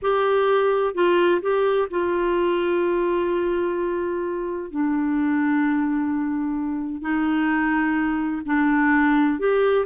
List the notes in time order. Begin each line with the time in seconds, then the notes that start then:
0.02 G4
0.94 F4
1.41 G4
1.90 F4
4.70 D4
7.01 D#4
8.45 D4
9.39 G4